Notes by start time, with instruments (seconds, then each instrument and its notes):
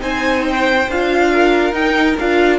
0.00 cello C4, viola D#4, violin C5 G#5
0.49 violin G5
0.89 cello D4, viola F4, violin F5
1.33 violin A#4
1.73 cello D#4, viola D#4, violin G5
2.20 cello D4, viola F4, violin F5